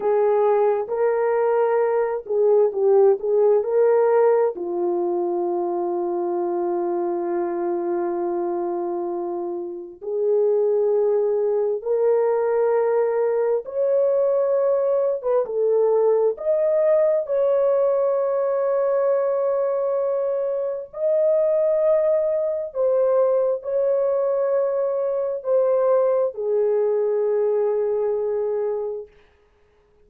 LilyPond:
\new Staff \with { instrumentName = "horn" } { \time 4/4 \tempo 4 = 66 gis'4 ais'4. gis'8 g'8 gis'8 | ais'4 f'2.~ | f'2. gis'4~ | gis'4 ais'2 cis''4~ |
cis''8. b'16 a'4 dis''4 cis''4~ | cis''2. dis''4~ | dis''4 c''4 cis''2 | c''4 gis'2. | }